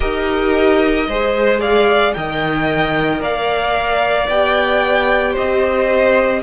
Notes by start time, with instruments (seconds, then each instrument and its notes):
0.00 cello D#4, viola G4, violin A#4 D#5
1.07 cello G#3, viola G#4, violin C5
1.60 violin D5 F5
2.13 cello D#3, viola A#4, violin D#5 G5
3.20 cello A#3, violin D5 F5
4.28 cello B3, viola G4, violin G5
5.33 cello C4, violin C5 D#5